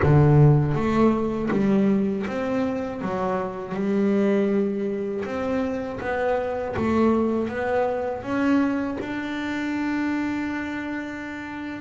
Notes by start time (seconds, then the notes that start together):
0.02 D3
0.74 A3
1.50 G3
2.27 C4
3.01 F#3
3.74 G3
5.24 C4
6.00 B3
6.76 A3
7.48 B3
8.22 C#4
9.00 D4